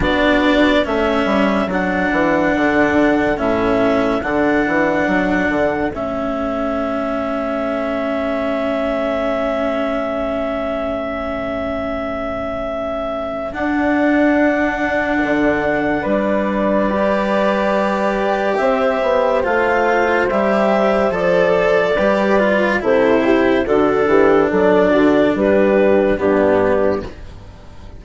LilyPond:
<<
  \new Staff \with { instrumentName = "clarinet" } { \time 4/4 \tempo 4 = 71 d''4 e''4 fis''2 | e''4 fis''2 e''4~ | e''1~ | e''1 |
fis''2. d''4~ | d''2 e''4 f''4 | e''4 d''2 c''4 | a'4 d''4 b'4 g'4 | }
  \new Staff \with { instrumentName = "horn" } { \time 4/4 fis'4 a'2.~ | a'1~ | a'1~ | a'1~ |
a'2. b'4~ | b'2 c''2~ | c''2 b'4 a'8 g'8 | fis'8 g'8 a'8 fis'8 g'4 d'4 | }
  \new Staff \with { instrumentName = "cello" } { \time 4/4 d'4 cis'4 d'2 | cis'4 d'2 cis'4~ | cis'1~ | cis'1 |
d'1 | g'2. f'4 | g'4 a'4 g'8 f'8 e'4 | d'2. b4 | }
  \new Staff \with { instrumentName = "bassoon" } { \time 4/4 b4 a8 g8 fis8 e8 d4 | a,4 d8 e8 fis8 d8 a4~ | a1~ | a1 |
d'2 d4 g4~ | g2 c'8 b8 a4 | g4 f4 g4 c4 | d8 e8 fis8 d8 g4 g,4 | }
>>